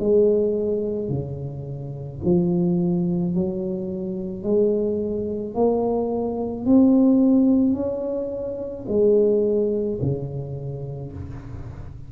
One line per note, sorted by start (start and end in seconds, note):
0.00 1.09 G#3
1.09 2.20 C#3
2.24 3.35 F3
3.35 4.44 F#3
4.44 5.55 G#3
5.55 6.66 A#3
6.66 7.75 C4
7.75 8.86 C#4
8.88 9.99 G#3
10.02 11.13 C#3